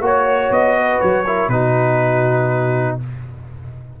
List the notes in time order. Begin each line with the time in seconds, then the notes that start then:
0.00 A#3 F#4 C#5
0.50 B3 D#5
0.78 B4
1.01 F#3 C#5
1.26 E4 A#4
1.48 B2 D#4 F#4 B4